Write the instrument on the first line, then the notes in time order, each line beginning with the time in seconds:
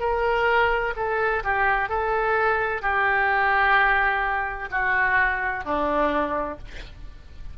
oboe
0.00 A#4
0.96 A4
1.44 G4
1.89 A4
2.82 G4
4.71 F#4
5.65 D4